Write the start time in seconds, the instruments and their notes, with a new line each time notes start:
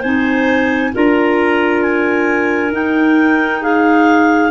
0.00 tuba C4, clarinet D#4 C5 G#5
0.94 tuba D4, clarinet F4 A#4 A#5
1.83 clarinet G#5
2.72 tuba D#4, clarinet D#4 G5
3.62 clarinet G#4 F5